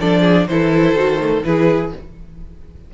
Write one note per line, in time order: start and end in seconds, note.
0.00 0.48 F3
0.00 0.49 D4
0.00 0.21 A4
0.00 0.47 D5
0.21 0.45 G#4
0.47 0.94 E3
0.47 0.96 E4
0.47 1.46 A4
0.47 1.43 C5
0.94 1.42 D#3
0.94 1.18 F#4
1.18 1.42 A3
1.44 1.92 E3
1.44 1.93 E4
1.44 1.94 G#4
1.44 1.92 B4